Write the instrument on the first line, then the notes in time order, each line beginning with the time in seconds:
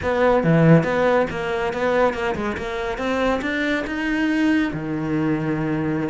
cello
0.02 B3
0.43 E3
0.83 B3
1.30 A#3
1.73 B3
2.13 A#3
2.35 G#3
2.57 A#3
2.97 C4
3.41 D4
3.86 D#4
4.73 D#3